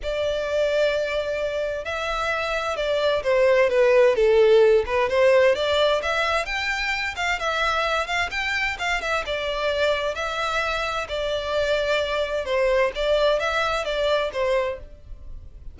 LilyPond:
\new Staff \with { instrumentName = "violin" } { \time 4/4 \tempo 4 = 130 d''1 | e''2 d''4 c''4 | b'4 a'4. b'8 c''4 | d''4 e''4 g''4. f''8 |
e''4. f''8 g''4 f''8 e''8 | d''2 e''2 | d''2. c''4 | d''4 e''4 d''4 c''4 | }